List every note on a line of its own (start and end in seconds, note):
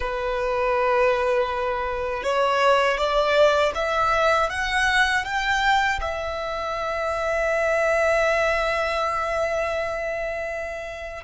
0.00 2.23 B4
2.23 2.97 C#5
2.97 3.72 D5
3.74 4.49 E5
4.49 5.24 F#5
5.24 5.99 G5
6.00 11.24 E5